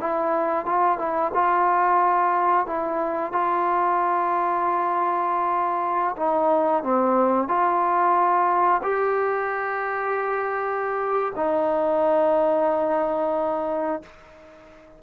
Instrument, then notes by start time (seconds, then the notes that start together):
trombone
0.00 E4
0.66 F4
0.98 E4
1.34 F4
2.67 E4
3.33 F4
6.17 D#4
6.83 C4
7.48 F4
8.83 G4
11.36 D#4